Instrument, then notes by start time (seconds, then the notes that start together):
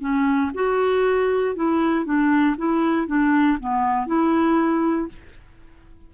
clarinet
0.00 C#4
0.54 F#4
1.55 E4
2.05 D4
2.57 E4
3.07 D4
3.60 B3
4.06 E4